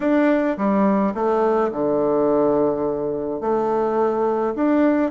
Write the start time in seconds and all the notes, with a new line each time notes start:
0.00 D4
0.57 G3
1.14 A3
1.71 D3
3.40 A3
4.55 D4